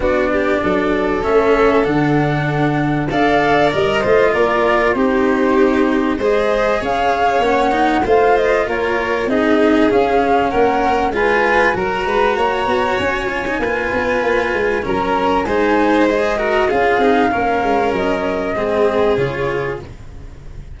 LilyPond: <<
  \new Staff \with { instrumentName = "flute" } { \time 4/4 \tempo 4 = 97 d''2 e''4 fis''4~ | fis''4 f''4 dis''4 d''4 | c''2 dis''4 f''4 | fis''4 f''8 dis''8 cis''4 dis''4 |
f''4 fis''4 gis''4 ais''4~ | ais''4 gis''2. | ais''4 gis''4 dis''4 f''4~ | f''4 dis''2 cis''4 | }
  \new Staff \with { instrumentName = "violin" } { \time 4/4 fis'8 g'8 a'2.~ | a'4 d''4. c''8 ais'4 | g'2 c''4 cis''4~ | cis''4 c''4 ais'4 gis'4~ |
gis'4 ais'4 b'4 ais'8 b'8 | cis''2 b'2 | ais'4 c''4. ais'8 gis'4 | ais'2 gis'2 | }
  \new Staff \with { instrumentName = "cello" } { \time 4/4 d'2 cis'4 d'4~ | d'4 a'4 ais'8 f'4. | dis'2 gis'2 | cis'8 dis'8 f'2 dis'4 |
cis'2 f'4 fis'4~ | fis'4. f'16 dis'16 f'2 | cis'4 dis'4 gis'8 fis'8 f'8 dis'8 | cis'2 c'4 f'4 | }
  \new Staff \with { instrumentName = "tuba" } { \time 4/4 b4 fis4 a4 d4~ | d4 d'4 g8 a8 ais4 | c'2 gis4 cis'4 | ais4 a4 ais4 c'4 |
cis'4 ais4 gis4 fis8 gis8 | ais8 b8 cis'4 ais8 b8 ais8 gis8 | fis4 gis2 cis'8 c'8 | ais8 gis8 fis4 gis4 cis4 | }
>>